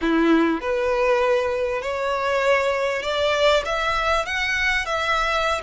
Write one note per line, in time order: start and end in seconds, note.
0.01 0.60 E4
0.60 1.82 B4
1.82 3.02 C#5
3.02 3.63 D5
3.65 4.25 E5
4.25 4.85 F#5
4.85 5.61 E5